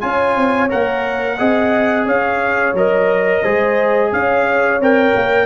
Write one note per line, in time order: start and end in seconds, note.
0.00 0.37 C#4
0.00 0.69 F4
0.00 1.38 C#5
0.00 0.68 G#5
0.37 0.71 C4
0.69 1.40 A#3
0.69 1.37 A#4
0.69 2.07 F#5
1.38 2.06 C4
1.38 2.75 G#4
1.38 2.06 D#5
2.06 2.73 C#4
2.06 3.42 C#5
2.06 2.76 F5
2.73 3.41 F#3
2.73 3.44 A#4
2.73 4.12 D#5
3.42 4.12 G#3
3.42 4.80 G#4
3.42 4.11 C5
4.12 4.80 C#4
4.12 5.46 C#5
4.12 4.81 F5
4.80 5.14 C4
4.80 5.46 A#4
4.80 5.46 G5
5.15 5.46 A#3